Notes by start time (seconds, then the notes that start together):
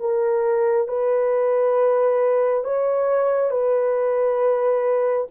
0.00 A#4
0.88 B4
2.65 C#5
3.51 B4